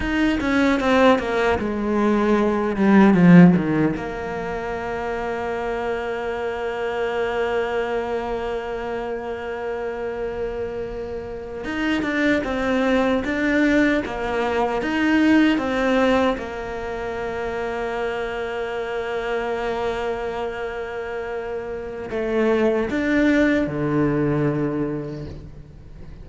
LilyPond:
\new Staff \with { instrumentName = "cello" } { \time 4/4 \tempo 4 = 76 dis'8 cis'8 c'8 ais8 gis4. g8 | f8 dis8 ais2.~ | ais1~ | ais2~ ais8. dis'8 d'8 c'16~ |
c'8. d'4 ais4 dis'4 c'16~ | c'8. ais2.~ ais16~ | ais1 | a4 d'4 d2 | }